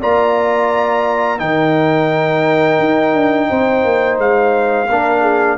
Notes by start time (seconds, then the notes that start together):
0.00 A#3 F4 D5 A#5
1.38 D#3 D#4 A#4 G5
2.79 D#4
3.13 D4
3.49 C4 C5
3.84 A#3
4.18 G#3 F5
4.89 A#3 D4 A#4
5.21 G#4